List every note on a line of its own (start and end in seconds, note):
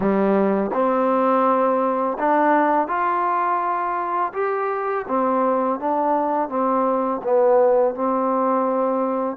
0.00 0.70 G3
0.73 2.17 C4
2.19 2.87 D4
2.87 4.32 F4
4.33 5.05 G4
5.07 5.79 C4
5.79 6.48 D4
6.48 7.21 C4
7.23 7.95 B3
7.95 9.36 C4